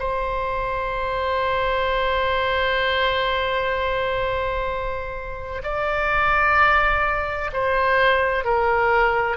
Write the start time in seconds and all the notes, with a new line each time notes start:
0.00 C5
5.64 D5
7.53 C5
8.45 A#4